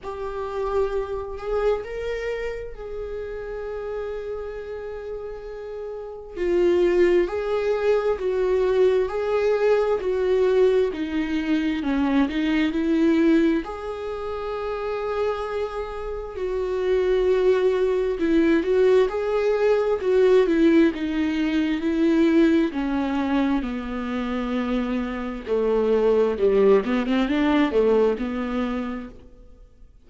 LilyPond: \new Staff \with { instrumentName = "viola" } { \time 4/4 \tempo 4 = 66 g'4. gis'8 ais'4 gis'4~ | gis'2. f'4 | gis'4 fis'4 gis'4 fis'4 | dis'4 cis'8 dis'8 e'4 gis'4~ |
gis'2 fis'2 | e'8 fis'8 gis'4 fis'8 e'8 dis'4 | e'4 cis'4 b2 | a4 g8 b16 c'16 d'8 a8 b4 | }